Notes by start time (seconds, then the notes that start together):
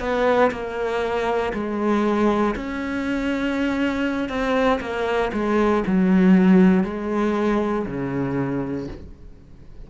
0.00 B3
0.51 A#3
1.53 G#3
2.56 C#4
4.29 C4
4.81 A#3
5.33 G#3
5.87 F#3
6.84 G#3
7.86 C#3